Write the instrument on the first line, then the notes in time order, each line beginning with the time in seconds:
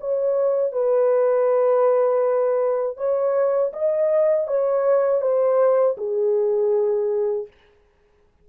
horn
0.00 C#5
0.72 B4
2.97 C#5
3.73 D#5
4.47 C#5
5.21 C5
5.97 G#4